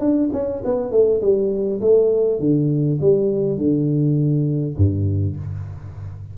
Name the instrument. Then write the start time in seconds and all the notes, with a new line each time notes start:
tuba
0.00 D4
0.33 C#4
0.64 B3
0.91 A3
1.21 G3
1.81 A3
2.40 D3
3.01 G3
3.58 D3
4.77 G2